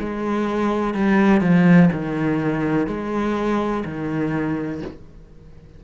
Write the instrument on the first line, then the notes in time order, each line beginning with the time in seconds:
cello
0.00 G#3
0.94 G3
1.41 F3
1.92 D#3
2.87 G#3
3.85 D#3